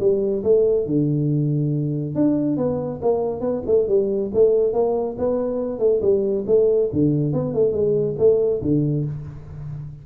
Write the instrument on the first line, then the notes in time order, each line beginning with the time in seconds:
tuba
0.00 G3
0.44 A3
0.86 D3
2.15 D4
2.57 B3
3.02 A#3
3.41 B3
3.66 A3
3.88 G3
4.34 A3
4.73 A#3
5.18 B3
5.79 A3
6.02 G3
6.47 A3
6.93 D3
7.33 B3
7.54 A3
7.72 G#3
8.18 A3
8.62 D3